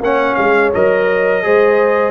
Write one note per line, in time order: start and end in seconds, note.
0.00 0.35 A#3
0.00 0.74 C#4
0.00 1.44 C#5
0.00 0.35 F#5
0.35 0.73 G#3
0.35 0.70 F5
0.74 1.45 F#3
0.74 1.43 A#4
0.74 2.10 D#5
1.43 2.10 G#3
1.43 2.10 G#4
1.43 2.10 C5